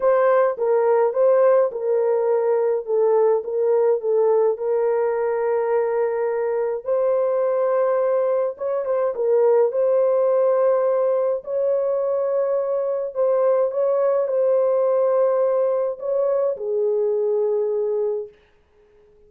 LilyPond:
\new Staff \with { instrumentName = "horn" } { \time 4/4 \tempo 4 = 105 c''4 ais'4 c''4 ais'4~ | ais'4 a'4 ais'4 a'4 | ais'1 | c''2. cis''8 c''8 |
ais'4 c''2. | cis''2. c''4 | cis''4 c''2. | cis''4 gis'2. | }